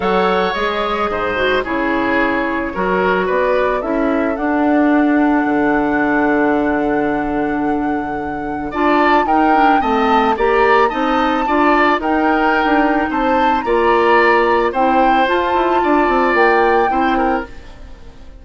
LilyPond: <<
  \new Staff \with { instrumentName = "flute" } { \time 4/4 \tempo 4 = 110 fis''4 dis''2 cis''4~ | cis''2 d''4 e''4 | fis''1~ | fis''1 |
a''4 g''4 a''4 ais''4 | a''2 g''2 | a''4 ais''2 g''4 | a''2 g''2 | }
  \new Staff \with { instrumentName = "oboe" } { \time 4/4 cis''2 c''4 gis'4~ | gis'4 ais'4 b'4 a'4~ | a'1~ | a'1 |
d''4 ais'4 dis''4 d''4 | dis''4 d''4 ais'2 | c''4 d''2 c''4~ | c''4 d''2 c''8 ais'8 | }
  \new Staff \with { instrumentName = "clarinet" } { \time 4/4 a'4 gis'4. fis'8 e'4~ | e'4 fis'2 e'4 | d'1~ | d'1 |
f'4 dis'8 d'8 c'4 g'4 | dis'4 f'4 dis'2~ | dis'4 f'2 e'4 | f'2. e'4 | }
  \new Staff \with { instrumentName = "bassoon" } { \time 4/4 fis4 gis4 gis,4 cis4~ | cis4 fis4 b4 cis'4 | d'2 d2~ | d1 |
d'4 dis'4 a4 ais4 | c'4 d'4 dis'4~ dis'16 d'8. | c'4 ais2 c'4 | f'8 e'8 d'8 c'8 ais4 c'4 | }
>>